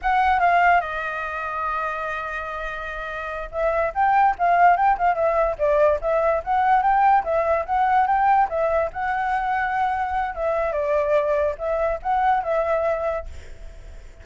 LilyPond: \new Staff \with { instrumentName = "flute" } { \time 4/4 \tempo 4 = 145 fis''4 f''4 dis''2~ | dis''1~ | dis''8 e''4 g''4 f''4 g''8 | f''8 e''4 d''4 e''4 fis''8~ |
fis''8 g''4 e''4 fis''4 g''8~ | g''8 e''4 fis''2~ fis''8~ | fis''4 e''4 d''2 | e''4 fis''4 e''2 | }